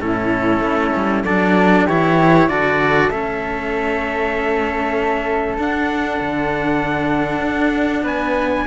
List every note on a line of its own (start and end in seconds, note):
0.00 0.60 A2
0.00 1.24 C#4
0.00 1.25 E4
0.00 1.24 A4
0.60 0.91 A3
0.95 1.23 G3
1.23 1.85 F#3
1.23 1.88 D4
1.23 1.86 A4
1.23 1.86 D5
1.86 2.48 E3
1.86 2.49 E4
1.86 2.48 G4
1.86 2.48 C#5
2.48 3.10 D3
2.48 3.11 F#4
2.48 8.02 A4
2.48 3.10 D5
3.10 5.57 A3
3.10 5.58 C#4
3.10 5.58 E5
5.58 6.19 D4
5.58 8.67 D4
5.58 8.06 F#5
6.20 7.41 D3
7.41 8.03 D4
8.02 8.64 B3
8.02 8.64 B4
8.02 8.67 G#5